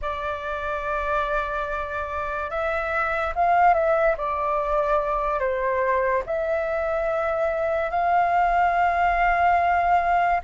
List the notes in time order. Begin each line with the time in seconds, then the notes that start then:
0.01 D5
2.50 E5
3.35 F5
3.73 E5
4.17 D5
5.39 C5
6.25 E5
7.90 F5